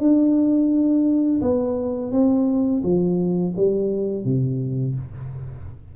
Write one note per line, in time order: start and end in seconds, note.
0.00 1.41 D4
1.42 2.12 B3
2.12 2.83 C4
2.84 3.55 F3
3.57 4.25 G3
4.25 4.95 C3